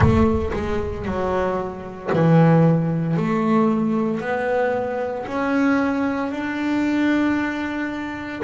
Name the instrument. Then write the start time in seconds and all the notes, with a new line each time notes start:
double bass
0.00 A3
0.53 G#3
1.05 F#3
2.12 E3
3.16 A3
4.20 B3
5.26 C#4
6.31 D4